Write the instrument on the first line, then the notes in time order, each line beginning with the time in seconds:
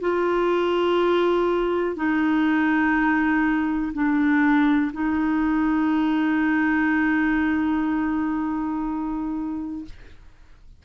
clarinet
0.00 F4
1.95 D#4
3.93 D4
4.93 D#4